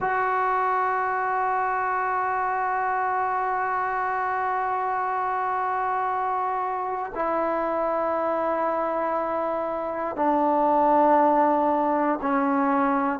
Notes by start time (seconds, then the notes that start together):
0.00 F#4
7.14 E4
10.16 D4
12.21 C#4